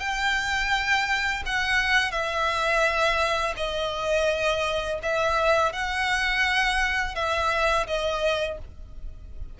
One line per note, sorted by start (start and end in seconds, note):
0.00 1.43 G5
1.46 2.11 F#5
2.11 3.54 E5
3.57 5.00 D#5
5.03 5.73 E5
5.73 7.15 F#5
7.15 7.87 E5
7.87 8.58 D#5